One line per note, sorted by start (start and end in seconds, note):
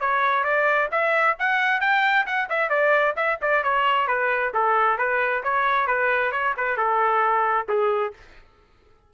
0.00 0.43 C#5
0.43 0.89 D5
0.91 1.36 E5
1.39 1.80 F#5
1.80 2.26 G5
2.26 2.49 F#5
2.49 2.69 E5
2.69 3.14 D5
3.16 3.38 E5
3.41 3.63 D5
3.63 4.07 C#5
4.07 4.52 B4
4.54 4.98 A4
4.98 5.43 B4
5.43 5.87 C#5
5.87 6.32 B4
6.32 6.54 C#5
6.57 6.77 B4
6.77 7.67 A4
7.68 8.13 G#4